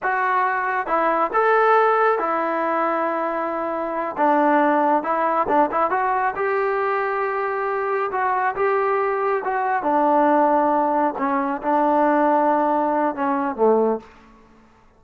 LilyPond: \new Staff \with { instrumentName = "trombone" } { \time 4/4 \tempo 4 = 137 fis'2 e'4 a'4~ | a'4 e'2.~ | e'4. d'2 e'8~ | e'8 d'8 e'8 fis'4 g'4.~ |
g'2~ g'8 fis'4 g'8~ | g'4. fis'4 d'4.~ | d'4. cis'4 d'4.~ | d'2 cis'4 a4 | }